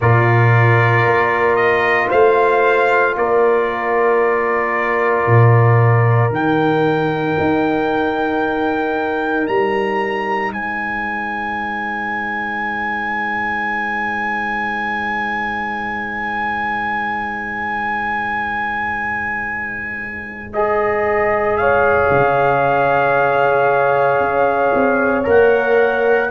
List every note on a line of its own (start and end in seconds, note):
0.00 1.05 A#2
0.00 6.31 F4
0.00 2.08 A#4
0.00 1.55 D5
1.05 2.10 A#3
1.55 2.08 D#5
2.08 3.16 A3
2.08 3.13 C5
2.08 3.16 F5
3.16 5.26 A#3
3.16 10.53 A#4
3.16 6.32 D5
5.26 6.30 A#2
6.30 7.35 D#3
6.30 20.52 D#4
6.30 9.47 G5
7.39 9.48 D#4
9.47 10.52 G3
9.47 10.52 A#5
10.52 22.10 G#3
10.52 21.58 C5
10.52 20.52 G#5
20.53 25.24 G#4
20.53 21.56 D#5
21.56 26.30 C#5
21.56 25.25 F5
22.10 24.20 C#3
24.20 24.72 C#4
24.73 25.26 C4
25.24 26.30 A#3
25.24 26.29 A#4
25.24 26.30 F#5